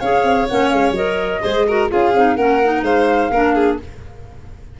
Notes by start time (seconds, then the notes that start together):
0.00 C#4 G#4 C#5 F5
0.23 C4
0.48 A#3 C#4 F#5
0.69 G#3 F5
0.91 F#3 A#4 D#5
1.42 G#3 G#4 C5
1.68 F#4 A#4
1.89 C#4 F4 G#4 F5
2.14 C4 D#4
2.36 A#3 C#4 A#4 F#5
2.64 D#4
2.83 G#3 C5 F5
3.31 A#3 D4 A#4
3.55 G#4